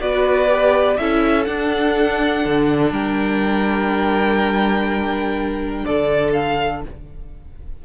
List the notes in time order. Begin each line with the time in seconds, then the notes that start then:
0.00 B3 F#4 B4 D5
0.49 G4
0.98 C#4 E4 A4 E5
1.45 D4 F#5
2.46 D3
2.92 G3 A#4 G5
5.86 D3 A4 D5
6.33 F5